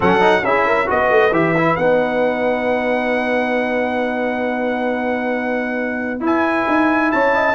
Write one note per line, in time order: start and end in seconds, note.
0.00 0.43 F#3
0.00 0.20 C#4
0.00 0.42 A4
0.00 0.44 F#5
0.20 0.42 D#4
0.43 0.87 C#4
0.43 0.86 E4
0.43 0.66 G#4
0.43 0.89 E5
0.66 0.87 A#4
0.86 1.10 B3
0.86 1.31 F#4
0.86 7.10 B4
0.86 1.33 D#5
1.10 1.31 A3
1.31 1.75 E3
1.31 1.55 G4
1.31 1.76 E5
1.57 1.79 E4
1.76 6.20 B3
1.76 6.20 D#4
1.76 6.20 F#5
6.20 7.54 E4
6.20 6.65 E4
6.20 7.11 G#5
6.68 7.12 D#4
7.11 7.54 C#4
7.11 7.34 C#5
7.11 7.54 A5
7.34 7.54 D#5